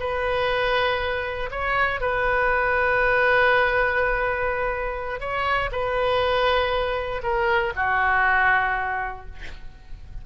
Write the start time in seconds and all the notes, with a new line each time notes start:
0.00 B4
1.51 C#5
2.01 B4
5.20 C#5
5.72 B4
7.23 A#4
7.76 F#4